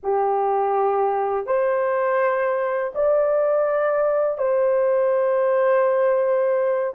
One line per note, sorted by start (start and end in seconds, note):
0.03 1.46 G4
1.46 2.92 C5
2.95 4.37 D5
4.37 6.93 C5